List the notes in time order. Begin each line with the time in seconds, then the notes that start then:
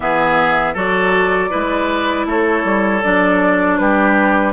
0.00 E3 B3 G#4 E5
0.74 F#3 F#4 A4 D5
1.50 G#3 E4 B4
2.25 A3 A4 C#5
2.64 G3
3.02 F#3 D4 D5
3.78 G3 G4 B4